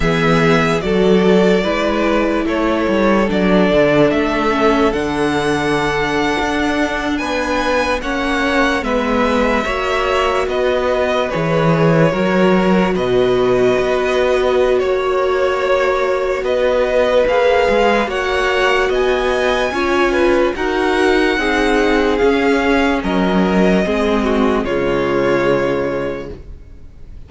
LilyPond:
<<
  \new Staff \with { instrumentName = "violin" } { \time 4/4 \tempo 4 = 73 e''4 d''2 cis''4 | d''4 e''4 fis''2~ | fis''8. gis''4 fis''4 e''4~ e''16~ | e''8. dis''4 cis''2 dis''16~ |
dis''2 cis''2 | dis''4 f''4 fis''4 gis''4~ | gis''4 fis''2 f''4 | dis''2 cis''2 | }
  \new Staff \with { instrumentName = "violin" } { \time 4/4 gis'4 a'4 b'4 a'4~ | a'1~ | a'8. b'4 cis''4 b'4 cis''16~ | cis''8. b'2 ais'4 b'16~ |
b'2 cis''2 | b'2 cis''4 dis''4 | cis''8 b'8 ais'4 gis'2 | ais'4 gis'8 fis'8 f'2 | }
  \new Staff \with { instrumentName = "viola" } { \time 4/4 b4 fis'4 e'2 | d'4. cis'8 d'2~ | d'4.~ d'16 cis'4 b4 fis'16~ | fis'4.~ fis'16 gis'4 fis'4~ fis'16~ |
fis'1~ | fis'4 gis'4 fis'2 | f'4 fis'4 dis'4 cis'4~ | cis'4 c'4 gis2 | }
  \new Staff \with { instrumentName = "cello" } { \time 4/4 e4 fis4 gis4 a8 g8 | fis8 d8 a4 d4.~ d16 d'16~ | d'8. b4 ais4 gis4 ais16~ | ais8. b4 e4 fis4 b,16~ |
b,8. b4~ b16 ais2 | b4 ais8 gis8 ais4 b4 | cis'4 dis'4 c'4 cis'4 | fis4 gis4 cis2 | }
>>